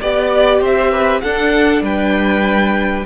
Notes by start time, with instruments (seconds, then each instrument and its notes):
0.00 cello B3, viola G4, violin D5
0.60 cello C4, violin C5 E5
0.91 violin B4
1.21 cello D4, viola D4, violin A4 F#5
1.82 cello G3, violin B4 G5